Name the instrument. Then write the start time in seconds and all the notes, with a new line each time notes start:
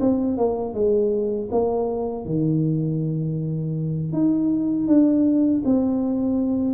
tuba
0.00 C4
0.38 A#3
0.74 G#3
1.51 A#3
2.25 D#3
4.12 D#4
4.88 D4
5.65 C4